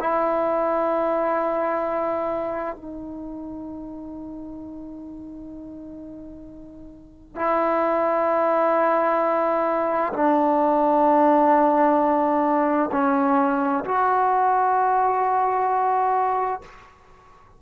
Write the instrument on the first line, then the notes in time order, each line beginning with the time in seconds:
trombone
0.00 E4
2.76 D#4
7.36 E4
10.13 D4
12.92 C#4
13.85 F#4